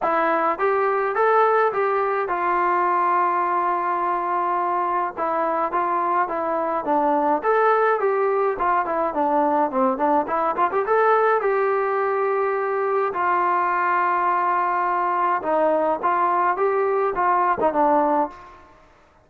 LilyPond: \new Staff \with { instrumentName = "trombone" } { \time 4/4 \tempo 4 = 105 e'4 g'4 a'4 g'4 | f'1~ | f'4 e'4 f'4 e'4 | d'4 a'4 g'4 f'8 e'8 |
d'4 c'8 d'8 e'8 f'16 g'16 a'4 | g'2. f'4~ | f'2. dis'4 | f'4 g'4 f'8. dis'16 d'4 | }